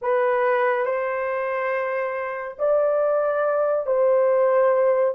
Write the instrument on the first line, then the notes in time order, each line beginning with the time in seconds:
horn
0.01 B4
0.85 C5
2.59 D5
3.86 C5